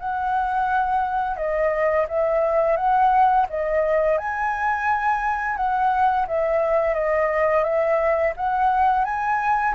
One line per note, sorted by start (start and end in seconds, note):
0.00 1.37 F#5
1.37 2.07 D#5
2.09 2.77 E5
2.77 3.47 F#5
3.50 4.18 D#5
4.18 5.57 G#5
5.57 6.27 F#5
6.28 6.95 E5
6.95 7.64 D#5
7.64 8.34 E5
8.37 9.05 F#5
9.05 9.75 G#5